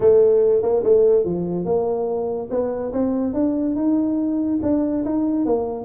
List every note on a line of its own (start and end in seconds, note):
0.00 0.62 A3
0.62 0.83 A#3
0.83 1.24 A3
1.24 1.65 F3
1.65 2.49 A#3
2.50 2.92 B3
2.93 3.33 C4
3.33 3.75 D4
3.75 4.59 D#4
4.62 5.04 D4
5.04 5.45 D#4
5.45 5.84 A#3